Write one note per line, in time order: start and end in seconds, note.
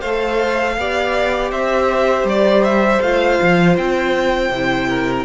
0.00 0.77 A3
0.00 0.75 C5
0.00 1.51 F5
0.06 0.79 A4
0.77 1.51 B3
0.77 3.03 G4
0.77 1.51 D5
1.51 2.24 C4
1.51 4.88 C5
1.51 2.27 E5
2.24 2.99 G3
2.24 2.64 D5
2.64 3.01 E5
3.01 3.39 A3
3.01 4.53 F4
3.01 3.77 F5
3.41 3.77 F3
3.77 4.49 C4
3.77 5.25 G5
4.49 5.24 C3
4.49 5.25 E4
4.88 5.25 A#4